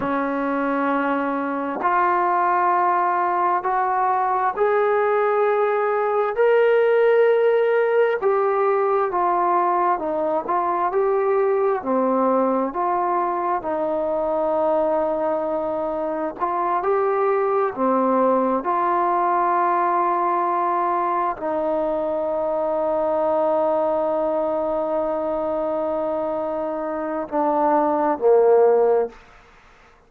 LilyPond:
\new Staff \with { instrumentName = "trombone" } { \time 4/4 \tempo 4 = 66 cis'2 f'2 | fis'4 gis'2 ais'4~ | ais'4 g'4 f'4 dis'8 f'8 | g'4 c'4 f'4 dis'4~ |
dis'2 f'8 g'4 c'8~ | c'8 f'2. dis'8~ | dis'1~ | dis'2 d'4 ais4 | }